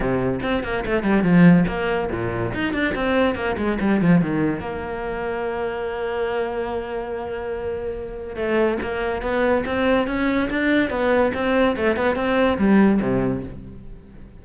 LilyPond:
\new Staff \with { instrumentName = "cello" } { \time 4/4 \tempo 4 = 143 c4 c'8 ais8 a8 g8 f4 | ais4 ais,4 dis'8 d'8 c'4 | ais8 gis8 g8 f8 dis4 ais4~ | ais1~ |
ais1 | a4 ais4 b4 c'4 | cis'4 d'4 b4 c'4 | a8 b8 c'4 g4 c4 | }